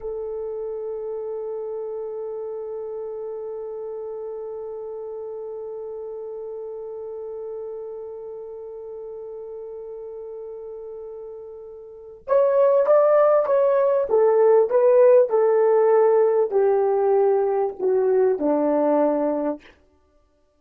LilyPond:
\new Staff \with { instrumentName = "horn" } { \time 4/4 \tempo 4 = 98 a'1~ | a'1~ | a'1~ | a'1~ |
a'1 | cis''4 d''4 cis''4 a'4 | b'4 a'2 g'4~ | g'4 fis'4 d'2 | }